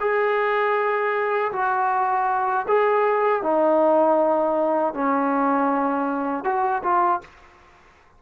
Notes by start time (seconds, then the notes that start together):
0.00 G#4
1.52 F#4
2.68 G#4
3.42 D#4
4.93 C#4
6.44 F#4
6.83 F4